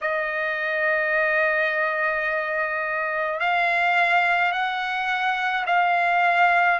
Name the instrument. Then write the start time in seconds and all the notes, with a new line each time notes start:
trumpet
0.01 D#5
3.40 F5
4.51 F#5
5.66 F5